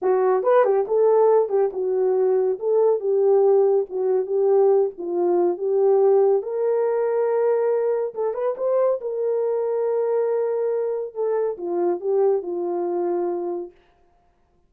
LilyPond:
\new Staff \with { instrumentName = "horn" } { \time 4/4 \tempo 4 = 140 fis'4 b'8 g'8 a'4. g'8 | fis'2 a'4 g'4~ | g'4 fis'4 g'4. f'8~ | f'4 g'2 ais'4~ |
ais'2. a'8 b'8 | c''4 ais'2.~ | ais'2 a'4 f'4 | g'4 f'2. | }